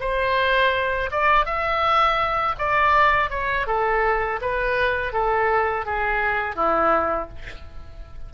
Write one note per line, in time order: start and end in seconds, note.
0.00 1.10 C5
1.11 1.45 D5
1.45 2.55 E5
2.58 3.30 D5
3.30 3.67 C#5
3.67 4.40 A4
4.41 5.13 B4
5.13 5.85 A4
5.85 6.56 G#4
6.56 7.29 E4